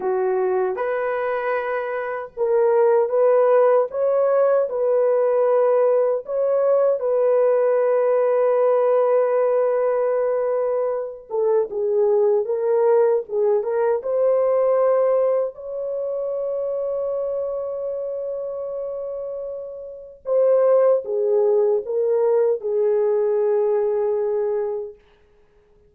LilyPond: \new Staff \with { instrumentName = "horn" } { \time 4/4 \tempo 4 = 77 fis'4 b'2 ais'4 | b'4 cis''4 b'2 | cis''4 b'2.~ | b'2~ b'8 a'8 gis'4 |
ais'4 gis'8 ais'8 c''2 | cis''1~ | cis''2 c''4 gis'4 | ais'4 gis'2. | }